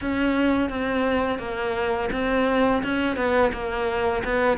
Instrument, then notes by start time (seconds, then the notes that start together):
cello
0.01 C#4
0.69 C4
1.39 A#3
2.12 C4
2.83 C#4
3.16 B3
3.52 A#3
4.24 B3